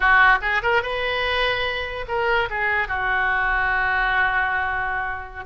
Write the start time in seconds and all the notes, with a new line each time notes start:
0.00 F#4
0.41 G#4
0.62 A#4
0.82 B4
2.08 A#4
2.50 G#4
2.87 F#4